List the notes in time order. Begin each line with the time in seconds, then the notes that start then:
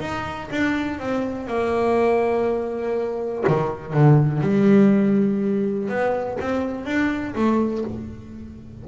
0.00 D#4
0.51 D4
0.99 C4
1.47 A#3
3.47 D#3
3.93 D3
4.41 G3
5.88 B3
6.40 C4
6.85 D4
7.35 A3